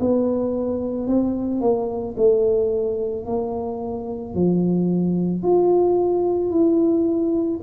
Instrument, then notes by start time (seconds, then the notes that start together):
tuba
0.00 B3
1.07 C4
1.61 A#3
2.17 A3
3.25 A#3
4.34 F3
5.42 F4
6.51 E4